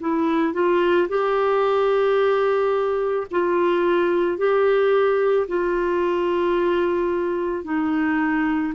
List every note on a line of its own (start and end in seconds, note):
0.00 0.53 E4
0.53 1.08 F4
1.09 3.27 G4
3.31 4.38 F4
4.38 5.47 G4
5.48 7.64 F4
7.64 8.73 D#4